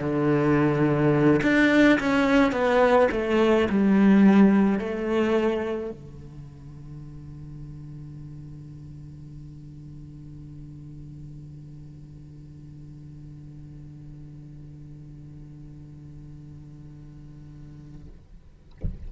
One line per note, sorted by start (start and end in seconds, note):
0.00 1.42 D3
1.43 2.00 D4
2.00 2.52 C#4
2.52 3.09 B3
3.12 3.68 A3
3.70 4.79 G3
4.79 5.91 A3
5.91 18.08 D3